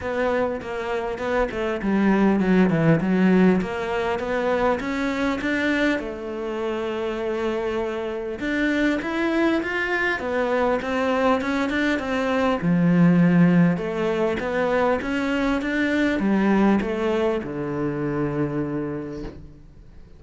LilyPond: \new Staff \with { instrumentName = "cello" } { \time 4/4 \tempo 4 = 100 b4 ais4 b8 a8 g4 | fis8 e8 fis4 ais4 b4 | cis'4 d'4 a2~ | a2 d'4 e'4 |
f'4 b4 c'4 cis'8 d'8 | c'4 f2 a4 | b4 cis'4 d'4 g4 | a4 d2. | }